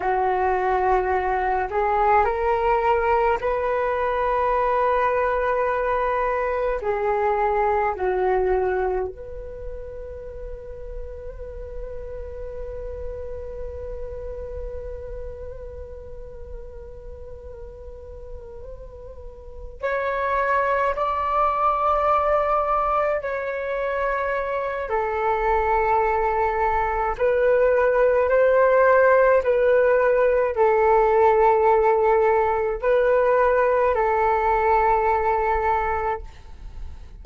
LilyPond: \new Staff \with { instrumentName = "flute" } { \time 4/4 \tempo 4 = 53 fis'4. gis'8 ais'4 b'4~ | b'2 gis'4 fis'4 | b'1~ | b'1~ |
b'4. cis''4 d''4.~ | d''8 cis''4. a'2 | b'4 c''4 b'4 a'4~ | a'4 b'4 a'2 | }